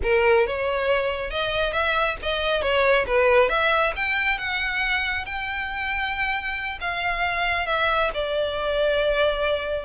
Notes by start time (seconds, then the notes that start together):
0.02 A#4
0.46 C#5
1.30 D#5
1.72 E5
2.22 D#5
2.61 C#5
3.07 B4
3.49 E5
3.96 G5
4.37 F#5
5.25 G5
6.80 F5
7.66 E5
8.13 D5